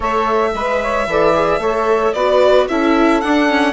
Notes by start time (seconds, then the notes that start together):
0.00 A3 A4 C#5 E5
0.54 G#3 B4
0.81 C#5
1.06 E3 A4 D5
1.34 G#4
1.58 A3 A4 C#5
2.13 B3 F#4 B4 D5
2.68 C#4 E4 A4 E5
3.20 D4 F#5
3.47 C#4